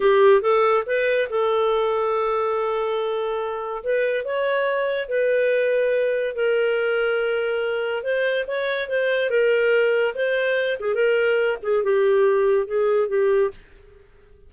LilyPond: \new Staff \with { instrumentName = "clarinet" } { \time 4/4 \tempo 4 = 142 g'4 a'4 b'4 a'4~ | a'1~ | a'4 b'4 cis''2 | b'2. ais'4~ |
ais'2. c''4 | cis''4 c''4 ais'2 | c''4. gis'8 ais'4. gis'8 | g'2 gis'4 g'4 | }